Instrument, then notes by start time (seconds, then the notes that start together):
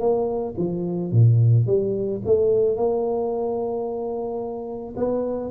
tuba
0.00 A#3
0.57 F3
1.12 A#2
1.67 G3
2.26 A3
2.76 A#3
4.96 B3